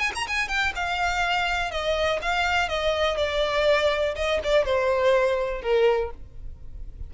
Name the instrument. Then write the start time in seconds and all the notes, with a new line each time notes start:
violin
0.00 G#5
0.15 A#5
0.28 G#5
0.49 G5
0.76 F5
1.72 D#5
2.22 F5
2.69 D#5
3.18 D5
4.16 D#5
4.44 D5
4.66 C5
5.62 A#4